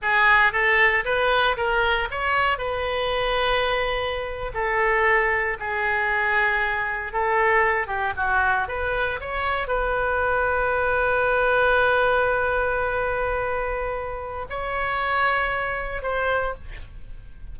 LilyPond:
\new Staff \with { instrumentName = "oboe" } { \time 4/4 \tempo 4 = 116 gis'4 a'4 b'4 ais'4 | cis''4 b'2.~ | b'8. a'2 gis'4~ gis'16~ | gis'4.~ gis'16 a'4. g'8 fis'16~ |
fis'8. b'4 cis''4 b'4~ b'16~ | b'1~ | b'1 | cis''2. c''4 | }